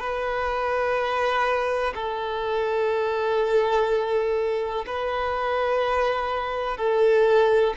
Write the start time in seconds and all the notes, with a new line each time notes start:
0.00 B4
1.95 A4
4.87 B4
6.77 A4